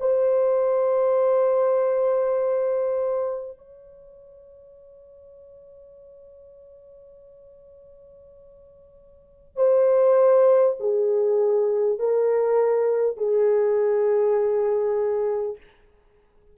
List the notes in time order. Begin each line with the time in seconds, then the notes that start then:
0.00 C5
3.57 C#5
9.56 C5
10.80 G#4
11.99 A#4
13.17 G#4